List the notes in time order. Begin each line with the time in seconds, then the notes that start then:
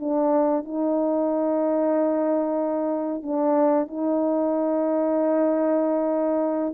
0.00 D4
0.65 D#4
3.23 D4
3.87 D#4